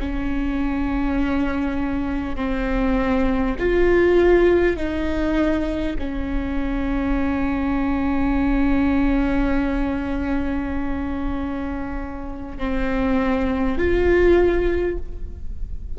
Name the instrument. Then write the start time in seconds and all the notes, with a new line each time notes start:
viola
0.00 C#4
2.36 C4
3.59 F4
4.77 D#4
5.99 C#4
12.58 C4
13.78 F4